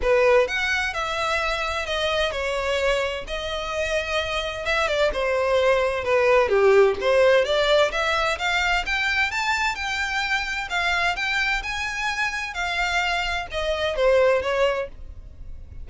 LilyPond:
\new Staff \with { instrumentName = "violin" } { \time 4/4 \tempo 4 = 129 b'4 fis''4 e''2 | dis''4 cis''2 dis''4~ | dis''2 e''8 d''8 c''4~ | c''4 b'4 g'4 c''4 |
d''4 e''4 f''4 g''4 | a''4 g''2 f''4 | g''4 gis''2 f''4~ | f''4 dis''4 c''4 cis''4 | }